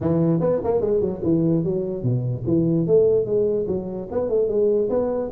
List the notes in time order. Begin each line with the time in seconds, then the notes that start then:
0.00 E3
0.40 B3
0.63 A#3
0.81 G#3
1.01 F#3
1.23 E3
1.63 F#3
2.03 B2
2.46 E3
2.86 A3
3.25 G#3
3.67 F#3
4.11 B3
4.29 A3
4.48 G#3
4.89 B3